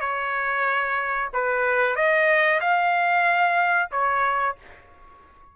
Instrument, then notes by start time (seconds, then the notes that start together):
trumpet
0.00 C#5
1.33 B4
1.96 D#5
2.60 F5
3.91 C#5